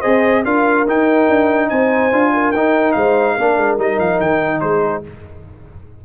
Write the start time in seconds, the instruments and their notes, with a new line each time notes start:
0.00 tuba C4, trombone G#4, horn C5, trumpet D#5
0.44 tuba D4, trombone F4, horn A#4, trumpet F5
0.86 tuba D#4, trombone D#4, trumpet G5
1.28 tuba D4
1.69 tuba C4, horn C5, trumpet G#5
2.12 tuba D4, trombone F4
2.33 horn A#4
2.51 tuba D#4, trombone D#4, trumpet G5
2.92 tuba G#3, horn C5, trumpet F5
3.34 tuba A#3, trombone D4, horn A#4
3.57 tuba G#3
3.78 tuba G3, trombone D#4, trumpet D#5
3.98 tuba F3, trumpet F5
4.20 tuba D#3, trumpet G5
4.60 tuba G#3, horn G#4, trumpet C5